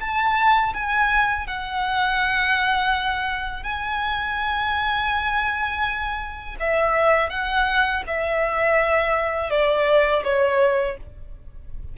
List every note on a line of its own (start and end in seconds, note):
0.00 0.73 A5
0.74 1.47 G#5
1.47 3.63 F#5
3.63 6.56 G#5
6.60 7.30 E5
7.30 8.03 F#5
8.07 9.50 E5
9.50 10.23 D5
10.24 10.97 C#5